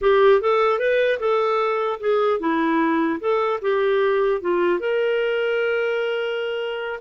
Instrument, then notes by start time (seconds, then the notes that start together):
clarinet
0.01 G4
0.41 A4
0.79 B4
1.19 A4
2.00 G#4
2.39 E4
3.20 A4
3.61 G4
4.41 F4
4.79 A#4